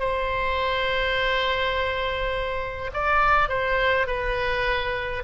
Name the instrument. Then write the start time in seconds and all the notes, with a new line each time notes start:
oboe
0.00 C5
2.94 D5
3.49 C5
4.07 B4